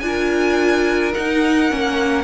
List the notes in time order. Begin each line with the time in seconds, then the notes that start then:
0.00 D4 F4 G#5
0.06 A#4
1.13 D#4 F#5
1.70 A#3 C#4